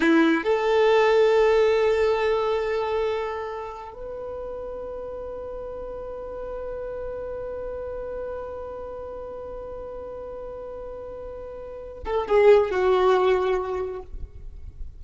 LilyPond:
\new Staff \with { instrumentName = "violin" } { \time 4/4 \tempo 4 = 137 e'4 a'2.~ | a'1~ | a'4 b'2.~ | b'1~ |
b'1~ | b'1~ | b'2.~ b'8 a'8 | gis'4 fis'2. | }